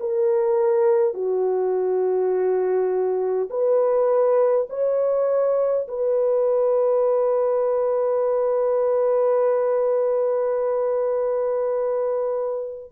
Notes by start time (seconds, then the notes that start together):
0.00 A#4
1.13 F#4
3.50 B4
4.69 C#5
5.88 B4